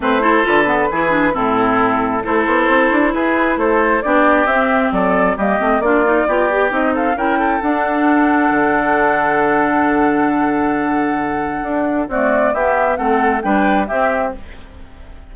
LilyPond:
<<
  \new Staff \with { instrumentName = "flute" } { \time 4/4 \tempo 4 = 134 c''4 b'2 a'4~ | a'4 c''2 b'4 | c''4 d''4 e''4 d''4 | dis''4 d''2 dis''8 f''8 |
g''4 fis''2.~ | fis''1~ | fis''2. d''4 | e''4 fis''4 g''4 e''4 | }
  \new Staff \with { instrumentName = "oboe" } { \time 4/4 b'8 a'4. gis'4 e'4~ | e'4 a'2 gis'4 | a'4 g'2 a'4 | g'4 f'4 g'4. a'8 |
ais'8 a'2.~ a'8~ | a'1~ | a'2. fis'4 | g'4 a'4 b'4 g'4 | }
  \new Staff \with { instrumentName = "clarinet" } { \time 4/4 c'8 e'8 f'8 b8 e'8 d'8 c'4~ | c'4 e'2.~ | e'4 d'4 c'2 | ais8 c'8 d'8 dis'8 f'8 g'8 dis'4 |
e'4 d'2.~ | d'1~ | d'2. a4 | b4 c'4 d'4 c'4 | }
  \new Staff \with { instrumentName = "bassoon" } { \time 4/4 a4 d4 e4 a,4~ | a,4 a8 b8 c'8 d'8 e'4 | a4 b4 c'4 fis4 | g8 a8 ais4 b4 c'4 |
cis'4 d'2 d4~ | d1~ | d2 d'4 c'4 | b4 a4 g4 c'4 | }
>>